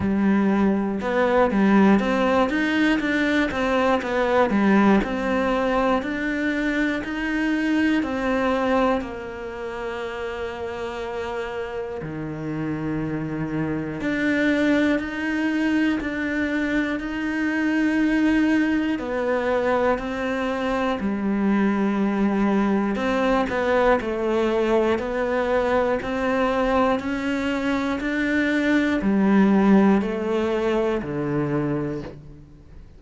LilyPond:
\new Staff \with { instrumentName = "cello" } { \time 4/4 \tempo 4 = 60 g4 b8 g8 c'8 dis'8 d'8 c'8 | b8 g8 c'4 d'4 dis'4 | c'4 ais2. | dis2 d'4 dis'4 |
d'4 dis'2 b4 | c'4 g2 c'8 b8 | a4 b4 c'4 cis'4 | d'4 g4 a4 d4 | }